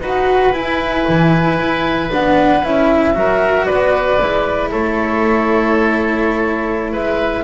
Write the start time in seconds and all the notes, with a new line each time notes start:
0.00 D#4 F#4 B4 F#5
0.53 E4 G#5
1.08 E3
1.60 E4
2.11 B3 D4 F#5
2.64 C#4 E4 E5
3.14 F#3 F#4 A#4
3.65 B4 D5
3.72 B3
4.22 G#3 E4
4.71 A3 A4 C#5
6.92 G#3 B4 E5